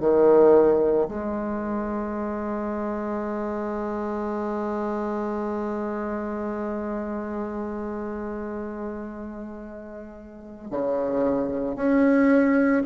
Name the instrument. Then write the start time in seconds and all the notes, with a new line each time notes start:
bassoon
0.00 D#3
1.08 G#3
10.71 C#3
11.76 C#4